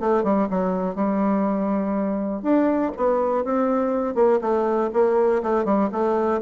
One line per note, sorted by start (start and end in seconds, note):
0.00 0.23 A3
0.23 0.48 G3
0.50 0.95 F#3
0.95 2.42 G3
2.42 2.92 D4
2.96 3.44 B3
3.44 4.15 C4
4.15 4.39 A#3
4.41 4.90 A3
4.93 5.42 A#3
5.42 5.65 A3
5.65 5.89 G3
5.92 6.41 A3